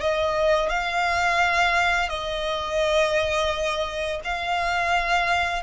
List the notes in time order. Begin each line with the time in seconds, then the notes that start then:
0.00 D#5
0.69 F5
2.09 D#5
4.24 F5